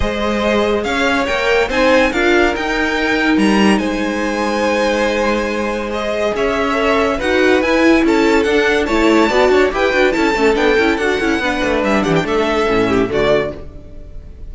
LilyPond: <<
  \new Staff \with { instrumentName = "violin" } { \time 4/4 \tempo 4 = 142 dis''2 f''4 g''4 | gis''4 f''4 g''2 | ais''4 gis''2.~ | gis''2 dis''4 e''4~ |
e''4 fis''4 gis''4 a''4 | fis''4 a''2 g''4 | a''4 g''4 fis''2 | e''8 fis''16 g''16 e''2 d''4 | }
  \new Staff \with { instrumentName = "violin" } { \time 4/4 c''2 cis''2 | c''4 ais'2.~ | ais'4 c''2.~ | c''2. cis''4~ |
cis''4 b'2 a'4~ | a'4 cis''4 d''8 cis''8 b'4 | a'2. b'4~ | b'8 g'8 a'4. g'8 fis'4 | }
  \new Staff \with { instrumentName = "viola" } { \time 4/4 gis'2. ais'4 | dis'4 f'4 dis'2~ | dis'1~ | dis'2 gis'2 |
a'4 fis'4 e'2 | d'4 e'4 fis'4 g'8 fis'8 | e'8 cis'8 d'8 e'8 fis'8 e'8 d'4~ | d'2 cis'4 a4 | }
  \new Staff \with { instrumentName = "cello" } { \time 4/4 gis2 cis'4 ais4 | c'4 d'4 dis'2 | g4 gis2.~ | gis2. cis'4~ |
cis'4 dis'4 e'4 cis'4 | d'4 a4 b8 d'8 e'8 d'8 | cis'8 a8 b8 cis'8 d'8 cis'8 b8 a8 | g8 e8 a4 a,4 d4 | }
>>